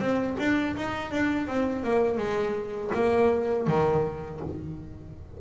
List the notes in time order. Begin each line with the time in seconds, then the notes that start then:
0.00 C4
0.39 D4
0.77 D#4
1.11 D4
1.47 C4
1.84 A#3
2.18 G#3
2.94 A#3
3.68 D#3